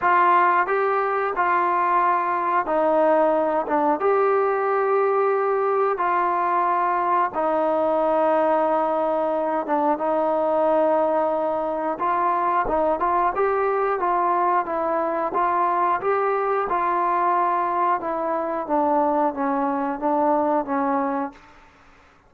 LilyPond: \new Staff \with { instrumentName = "trombone" } { \time 4/4 \tempo 4 = 90 f'4 g'4 f'2 | dis'4. d'8 g'2~ | g'4 f'2 dis'4~ | dis'2~ dis'8 d'8 dis'4~ |
dis'2 f'4 dis'8 f'8 | g'4 f'4 e'4 f'4 | g'4 f'2 e'4 | d'4 cis'4 d'4 cis'4 | }